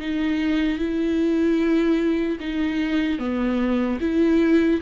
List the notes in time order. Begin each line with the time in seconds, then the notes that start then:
0.00 D#4
0.79 E4
2.40 D#4
3.19 B3
4.00 E4